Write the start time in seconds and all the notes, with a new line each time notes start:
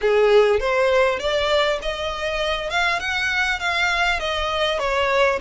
0.01 G#4
0.59 C5
1.19 D5
1.82 D#5
2.69 F5
2.99 F#5
3.59 F5
4.19 D#5
4.79 C#5